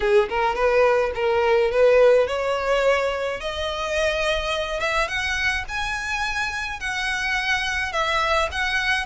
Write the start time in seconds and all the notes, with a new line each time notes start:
0.00 G#4
0.29 A#4
0.55 B4
1.14 A#4
1.71 B4
2.27 C#5
3.40 D#5
4.80 E5
5.07 F#5
5.68 G#5
6.80 F#5
7.92 E5
8.51 F#5